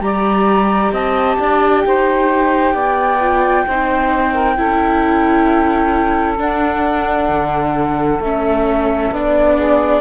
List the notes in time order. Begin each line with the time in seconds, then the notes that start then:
0.00 G3 G4 D5 A#5
0.91 C4 D#5 A5
1.38 D4 D5
1.81 D#4 C5 G5
2.73 B3 D5
3.20 F4
3.66 C4 D#4 C5
4.33 A#4
4.56 C#4 E4 A4
6.37 D4 F#5
7.28 D3
8.19 A3 C#4 E5
9.11 B3 D4 D5
9.56 G#4